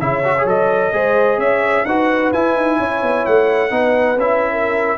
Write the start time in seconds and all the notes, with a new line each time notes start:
0.00 C#3 E4 C#5 E5
0.24 F#4
0.38 G#4
0.45 F#3 A4 D#5
0.93 G#3 G#4 C5
1.38 C#4 C#5 E5
1.85 D#4 F#4 B4 F#5
2.33 E4 G#5
2.56 D#4
2.78 C#4 C#5
3.02 B3
3.26 A3 F#5
3.70 B3 D#4 B4
4.17 C#4 E4 E5
4.52 A#4